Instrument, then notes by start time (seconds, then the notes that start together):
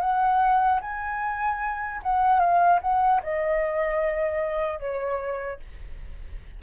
flute
0.00 F#5
0.81 G#5
2.03 F#5
2.40 F5
2.81 F#5
3.23 D#5
4.80 C#5